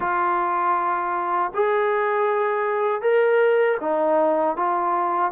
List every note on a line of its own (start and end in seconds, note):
0.00 1.52 F4
1.54 3.01 G#4
3.01 3.77 A#4
3.80 4.56 D#4
4.56 5.31 F4